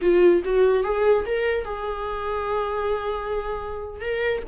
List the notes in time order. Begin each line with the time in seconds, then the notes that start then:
0.01 F4
0.44 F#4
0.83 G#4
1.26 A#4
1.65 G#4
4.00 A#4